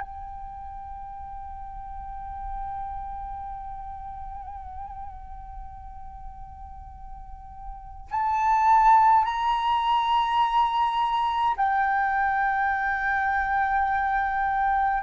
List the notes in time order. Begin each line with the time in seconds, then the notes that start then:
0.00 G5
8.10 A5
9.25 A#5
11.56 G5